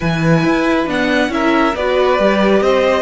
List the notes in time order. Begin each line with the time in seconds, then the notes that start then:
0.00 E3 E4 B4 G#5
0.44 E4
0.86 B3 D4 F#5
1.29 C#4 E4 A#4 E5
1.75 B3 F#4 B4 D5
2.18 G3 G4
2.61 C4 C5 D#5